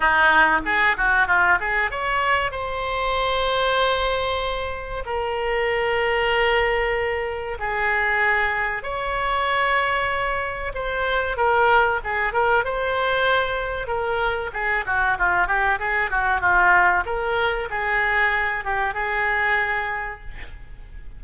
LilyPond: \new Staff \with { instrumentName = "oboe" } { \time 4/4 \tempo 4 = 95 dis'4 gis'8 fis'8 f'8 gis'8 cis''4 | c''1 | ais'1 | gis'2 cis''2~ |
cis''4 c''4 ais'4 gis'8 ais'8 | c''2 ais'4 gis'8 fis'8 | f'8 g'8 gis'8 fis'8 f'4 ais'4 | gis'4. g'8 gis'2 | }